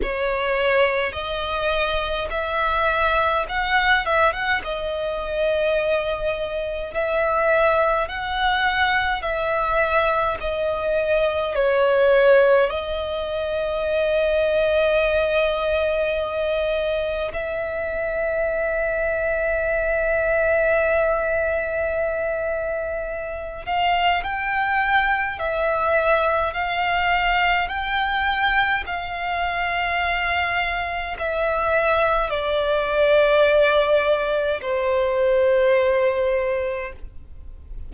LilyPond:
\new Staff \with { instrumentName = "violin" } { \time 4/4 \tempo 4 = 52 cis''4 dis''4 e''4 fis''8 e''16 fis''16 | dis''2 e''4 fis''4 | e''4 dis''4 cis''4 dis''4~ | dis''2. e''4~ |
e''1~ | e''8 f''8 g''4 e''4 f''4 | g''4 f''2 e''4 | d''2 c''2 | }